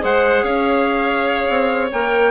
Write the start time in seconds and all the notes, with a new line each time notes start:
0.00 G#3 G#4 C5 F#5
0.43 C#4 C#5 F5
1.49 C4
1.92 A#3 A#4 G5